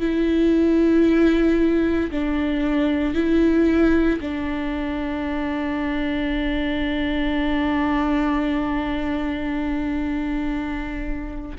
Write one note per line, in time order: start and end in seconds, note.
0.00 2.11 E4
2.11 3.14 D4
3.14 4.20 E4
4.21 11.57 D4